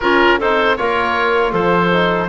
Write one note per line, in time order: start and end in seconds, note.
0.00 0.40 C#4
0.00 0.38 F4
0.00 0.39 A#4
0.38 0.79 C4
0.38 0.77 D#4
0.38 0.76 A4
0.38 0.76 C5
0.76 1.53 A#3
0.76 1.92 F4
0.76 1.51 A#4
0.76 1.53 C#5
1.51 2.29 F3
1.51 2.28 A4
1.51 2.29 C5
1.92 2.29 D#4